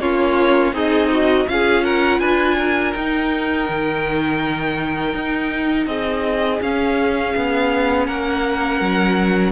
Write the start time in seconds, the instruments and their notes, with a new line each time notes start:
0.00 cello A#3, viola C#4, violin F4 C#5
0.72 cello C4, violin D#4 D#5, viola G#4
1.12 viola F#4
1.48 cello C#4, viola F4, violin G#4 F5
1.84 violin A#4 F#5
2.20 cello D4, violin B4 G#5
2.58 violin A#4
2.93 cello D#4, viola D#4, violin G5
3.69 cello D#3
5.14 cello D#4
5.86 cello C4, violin G#4 D#5
6.61 viola C#4, cello C#4, violin F5
7.36 cello B3
8.06 cello A#3, violin A#4 F#5
8.80 cello F#3